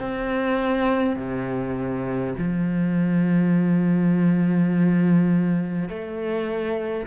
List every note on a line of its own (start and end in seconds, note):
0.00 1.17 C4
1.17 2.34 C3
2.39 5.89 F3
5.89 7.07 A3